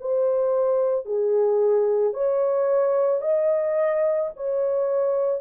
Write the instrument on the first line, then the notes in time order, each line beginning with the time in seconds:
horn
0.00 C5
1.06 G#4
2.14 C#5
3.21 D#5
4.36 C#5